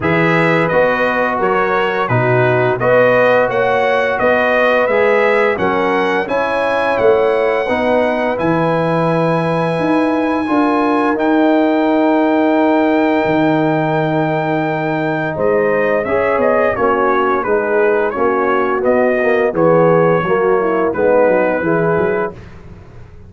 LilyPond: <<
  \new Staff \with { instrumentName = "trumpet" } { \time 4/4 \tempo 4 = 86 e''4 dis''4 cis''4 b'4 | dis''4 fis''4 dis''4 e''4 | fis''4 gis''4 fis''2 | gis''1 |
g''1~ | g''2 dis''4 e''8 dis''8 | cis''4 b'4 cis''4 dis''4 | cis''2 b'2 | }
  \new Staff \with { instrumentName = "horn" } { \time 4/4 b'2 ais'4 fis'4 | b'4 cis''4 b'2 | ais'4 cis''2 b'4~ | b'2. ais'4~ |
ais'1~ | ais'2 c''4 cis''4 | fis'4 gis'4 fis'2 | gis'4 fis'8 e'8 dis'4 gis'4 | }
  \new Staff \with { instrumentName = "trombone" } { \time 4/4 gis'4 fis'2 dis'4 | fis'2. gis'4 | cis'4 e'2 dis'4 | e'2. f'4 |
dis'1~ | dis'2. gis'4 | cis'4 dis'4 cis'4 b8 ais8 | b4 ais4 b4 e'4 | }
  \new Staff \with { instrumentName = "tuba" } { \time 4/4 e4 b4 fis4 b,4 | b4 ais4 b4 gis4 | fis4 cis'4 a4 b4 | e2 dis'4 d'4 |
dis'2. dis4~ | dis2 gis4 cis'8 b8 | ais4 gis4 ais4 b4 | e4 fis4 gis8 fis8 e8 fis8 | }
>>